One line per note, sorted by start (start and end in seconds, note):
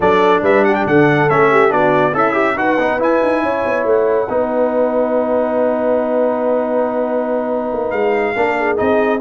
0.00 0.40 F#3
0.00 1.29 D4
0.00 0.42 A4
0.00 0.43 D5
0.42 0.85 G3
0.42 0.64 B4
0.42 0.64 E5
0.64 0.87 G4
0.64 0.74 F#5
0.74 0.85 G5
0.86 1.28 D3
0.86 1.51 A4
0.86 1.29 F#5
1.29 1.71 A3
1.29 1.69 C#4
1.29 1.72 E5
1.51 1.72 G4
1.69 2.14 B3
1.69 2.12 D4
1.69 2.12 F#4
1.69 2.15 D5
2.12 2.55 C#4
2.12 2.55 E4
2.12 2.33 A4
2.12 2.57 E5
2.33 2.54 G4
2.55 2.76 D#4
2.55 2.78 F#4
2.55 3.42 B4
2.55 3.00 F#5
2.78 2.99 B3
2.78 2.99 D#4
2.99 3.20 E4
2.99 4.27 E4
2.99 3.86 G#5
3.22 3.42 D#4
3.42 3.64 C#4
3.42 4.28 C#5
3.65 3.85 B3
3.85 4.27 A3
3.85 7.90 F#5
4.28 7.71 B3
4.28 8.35 D#4
4.28 8.36 B4
7.73 7.91 A#3
7.90 8.34 G#3
7.90 8.76 F5
8.35 8.78 A#3
8.35 8.76 D4
8.35 8.57 A#4
8.57 9.21 G#4
8.76 9.21 C4
8.76 9.19 D#4
8.76 9.20 D#5